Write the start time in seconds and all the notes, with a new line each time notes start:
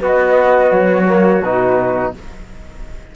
0.00 B3 F#4 D#5
0.71 F#3 C#5
1.07 A#3
1.42 B2 D#4 B4